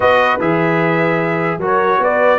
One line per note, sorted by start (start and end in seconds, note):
0.00 0.39 B3
0.00 0.40 F#4
0.00 1.58 B4
0.00 0.39 D#5
0.39 1.57 E3
0.39 1.60 G#4
0.39 1.60 E5
1.57 1.97 F#3
1.57 2.39 F#4
1.57 1.99 A#4
1.64 2.03 C#5
1.99 2.39 B3
1.99 2.39 B4
1.99 2.39 D5